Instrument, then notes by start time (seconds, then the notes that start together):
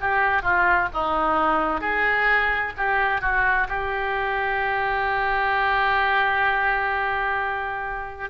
oboe
0.00 G4
0.42 F4
0.93 D#4
1.80 G#4
2.77 G4
3.21 F#4
3.68 G4